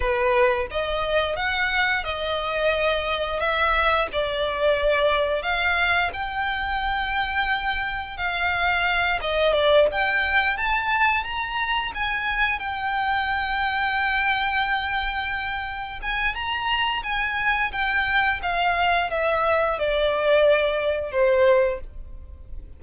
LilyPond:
\new Staff \with { instrumentName = "violin" } { \time 4/4 \tempo 4 = 88 b'4 dis''4 fis''4 dis''4~ | dis''4 e''4 d''2 | f''4 g''2. | f''4. dis''8 d''8 g''4 a''8~ |
a''8 ais''4 gis''4 g''4.~ | g''2.~ g''8 gis''8 | ais''4 gis''4 g''4 f''4 | e''4 d''2 c''4 | }